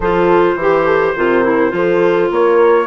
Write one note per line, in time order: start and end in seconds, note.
0.00 0.55 F3
0.00 0.59 F4
0.00 0.57 A4
0.00 2.32 C5
0.55 1.13 E3
0.55 1.16 G4
0.61 0.85 G4
0.85 1.14 A4
1.16 1.72 C3
1.16 1.44 F4
1.16 1.74 A#4
1.44 1.70 E4
1.70 2.30 F3
1.70 2.85 F4
1.70 2.32 A4
2.31 2.87 A#3
2.31 2.87 A#4
2.31 2.87 C#5